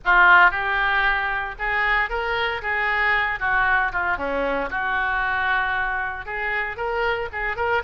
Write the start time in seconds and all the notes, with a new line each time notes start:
0.05 F4
0.50 G4
1.58 G#4
2.09 A#4
2.62 G#4
3.39 F#4
3.92 F4
4.17 C#4
4.70 F#4
6.25 G#4
6.76 A#4
7.32 G#4
7.56 A#4